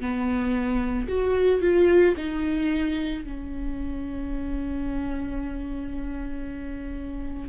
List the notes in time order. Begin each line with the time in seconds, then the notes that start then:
0.00 B3
1.08 F#4
1.61 F4
2.17 D#4
3.24 C#4